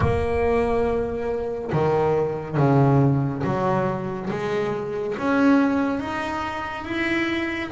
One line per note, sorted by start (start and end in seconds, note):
0.00 1.71 A#3
1.72 2.57 D#3
2.57 3.42 C#3
3.43 4.29 F#3
4.29 5.15 G#3
5.17 5.99 C#4
5.99 6.85 D#4
6.85 7.70 E4